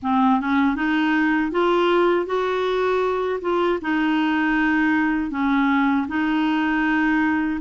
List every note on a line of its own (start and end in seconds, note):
0.02 0.40 C4
0.40 0.75 C#4
0.75 1.51 D#4
1.51 2.26 F4
2.26 3.40 F#4
3.41 3.79 F4
3.81 5.30 D#4
5.30 6.06 C#4
6.08 7.59 D#4